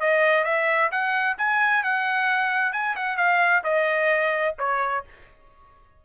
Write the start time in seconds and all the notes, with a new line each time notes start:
0.00 D#5
0.44 E5
0.91 F#5
1.38 G#5
1.83 F#5
2.72 G#5
2.95 F#5
3.17 F5
3.63 D#5
4.58 C#5